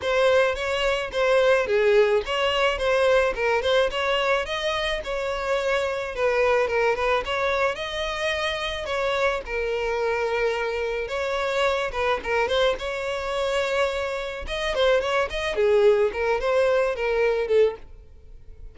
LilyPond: \new Staff \with { instrumentName = "violin" } { \time 4/4 \tempo 4 = 108 c''4 cis''4 c''4 gis'4 | cis''4 c''4 ais'8 c''8 cis''4 | dis''4 cis''2 b'4 | ais'8 b'8 cis''4 dis''2 |
cis''4 ais'2. | cis''4. b'8 ais'8 c''8 cis''4~ | cis''2 dis''8 c''8 cis''8 dis''8 | gis'4 ais'8 c''4 ais'4 a'8 | }